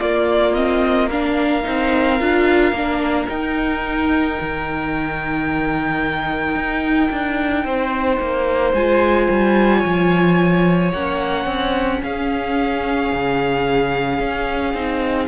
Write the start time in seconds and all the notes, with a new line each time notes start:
0.00 A#3 F4 D5
0.54 C4 D#5
1.10 D4 A#4 F5
1.63 C4 D#4
2.20 D4 F4
2.72 A#3 D4
3.28 D#4 G5
4.40 D#3
6.55 D#4
7.11 D4
7.64 C4 C5
8.20 A#3
8.73 G#3 F4 G#5
9.30 G3
9.78 C#5
9.84 F3
10.92 A#3 C#4 F#5
11.45 C4
12.03 C#4 G#4 F5
13.12 C#3
14.19 C#4
14.73 C4 D#4